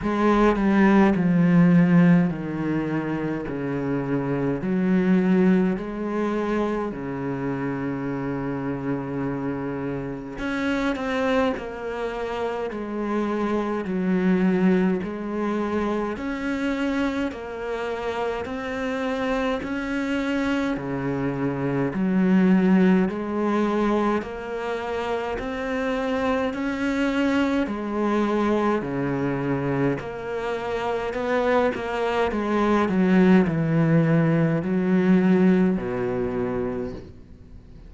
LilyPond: \new Staff \with { instrumentName = "cello" } { \time 4/4 \tempo 4 = 52 gis8 g8 f4 dis4 cis4 | fis4 gis4 cis2~ | cis4 cis'8 c'8 ais4 gis4 | fis4 gis4 cis'4 ais4 |
c'4 cis'4 cis4 fis4 | gis4 ais4 c'4 cis'4 | gis4 cis4 ais4 b8 ais8 | gis8 fis8 e4 fis4 b,4 | }